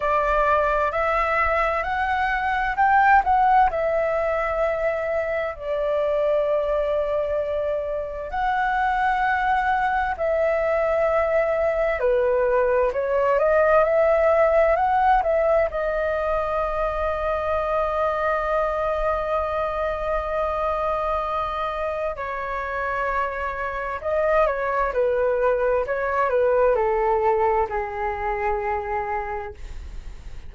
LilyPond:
\new Staff \with { instrumentName = "flute" } { \time 4/4 \tempo 4 = 65 d''4 e''4 fis''4 g''8 fis''8 | e''2 d''2~ | d''4 fis''2 e''4~ | e''4 b'4 cis''8 dis''8 e''4 |
fis''8 e''8 dis''2.~ | dis''1 | cis''2 dis''8 cis''8 b'4 | cis''8 b'8 a'4 gis'2 | }